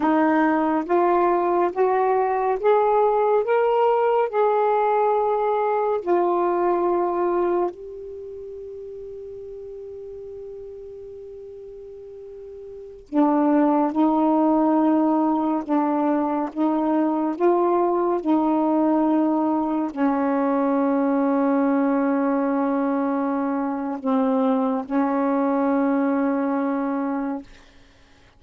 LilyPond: \new Staff \with { instrumentName = "saxophone" } { \time 4/4 \tempo 4 = 70 dis'4 f'4 fis'4 gis'4 | ais'4 gis'2 f'4~ | f'4 g'2.~ | g'2.~ g'16 d'8.~ |
d'16 dis'2 d'4 dis'8.~ | dis'16 f'4 dis'2 cis'8.~ | cis'1 | c'4 cis'2. | }